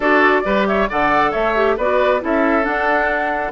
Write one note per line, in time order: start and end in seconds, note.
0.00 0.44 D4
0.00 0.44 F#4
0.00 0.41 A4
0.00 0.64 D5
0.44 0.89 G3
0.44 0.88 G4
0.44 0.67 B4
0.67 0.89 C#5
0.67 0.89 E5
0.89 1.34 D3
0.89 1.55 A4
0.89 1.31 D5
0.89 1.32 F#5
1.31 1.77 A3
1.31 1.75 C#5
1.31 1.76 E5
1.55 1.77 G4
1.77 2.21 B3
1.77 2.20 F#4
1.77 2.21 B4
1.77 2.22 D5
2.20 2.66 C#4
2.20 2.62 E4
2.20 3.52 A4
2.20 2.65 E5
2.62 3.50 D4
2.62 3.52 D4
2.62 3.52 F#5